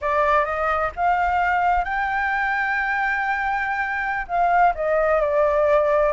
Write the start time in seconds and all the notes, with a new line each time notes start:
0.01 D5
0.44 D#5
0.96 F5
1.84 G5
4.27 F5
4.74 D#5
5.20 D5